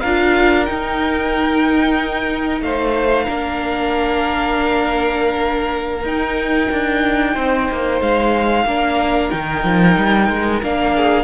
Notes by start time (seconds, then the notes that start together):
0.00 D4 F4 A#4 F5
0.65 D#4 G5
2.61 A3 C5 F5
3.24 A#3 D4 A#4
6.04 D#4 G5
6.72 D4
7.33 C4 C5
7.70 A#3
8.01 G#3 F5
8.65 A#3 D4 A#4
9.30 D#3 D#4 G5
9.64 F3
9.97 G3
10.29 G#3
10.62 A#3 D4 F5
10.95 G#4